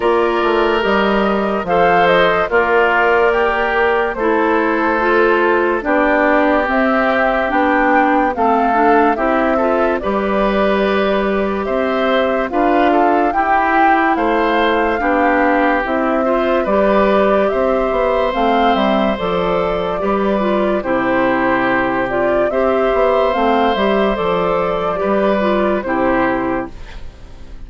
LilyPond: <<
  \new Staff \with { instrumentName = "flute" } { \time 4/4 \tempo 4 = 72 d''4 dis''4 f''8 dis''8 d''4~ | d''4 c''2 d''4 | e''4 g''4 f''4 e''4 | d''2 e''4 f''4 |
g''4 f''2 e''4 | d''4 e''4 f''8 e''8 d''4~ | d''4 c''4. d''8 e''4 | f''8 e''8 d''2 c''4 | }
  \new Staff \with { instrumentName = "oboe" } { \time 4/4 ais'2 c''4 f'4 | g'4 a'2 g'4~ | g'2 a'4 g'8 a'8 | b'2 c''4 b'8 a'8 |
g'4 c''4 g'4. c''8 | b'4 c''2. | b'4 g'2 c''4~ | c''2 b'4 g'4 | }
  \new Staff \with { instrumentName = "clarinet" } { \time 4/4 f'4 g'4 a'4 ais'4~ | ais'4 e'4 f'4 d'4 | c'4 d'4 c'8 d'8 e'8 f'8 | g'2. f'4 |
e'2 d'4 e'8 f'8 | g'2 c'4 a'4 | g'8 f'8 e'4. f'8 g'4 | c'8 g'8 a'4 g'8 f'8 e'4 | }
  \new Staff \with { instrumentName = "bassoon" } { \time 4/4 ais8 a8 g4 f4 ais4~ | ais4 a2 b4 | c'4 b4 a4 c'4 | g2 c'4 d'4 |
e'4 a4 b4 c'4 | g4 c'8 b8 a8 g8 f4 | g4 c2 c'8 b8 | a8 g8 f4 g4 c4 | }
>>